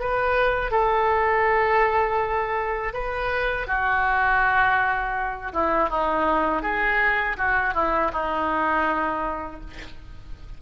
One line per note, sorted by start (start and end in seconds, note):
0.00 0.71 B4
0.71 2.93 A4
2.94 3.67 B4
3.67 5.53 F#4
5.53 5.90 E4
5.90 6.63 D#4
6.63 7.37 G#4
7.38 7.74 F#4
7.74 8.11 E4
8.12 9.61 D#4